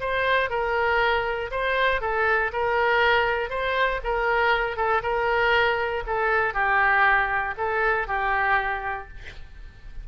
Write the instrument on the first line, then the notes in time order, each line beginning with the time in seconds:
oboe
0.00 C5
0.50 A#4
1.51 C5
2.01 A4
2.52 A#4
3.50 C5
4.04 A#4
4.76 A4
5.02 A#4
6.07 A4
6.54 G4
7.57 A4
8.07 G4